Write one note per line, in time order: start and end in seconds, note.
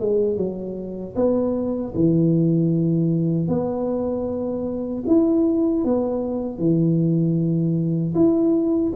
0.00 0.37 G#3
0.37 1.15 F#3
1.16 1.94 B3
1.95 3.48 E3
3.48 5.04 B3
5.07 5.84 E4
5.84 6.58 B3
6.58 8.14 E3
8.15 8.93 E4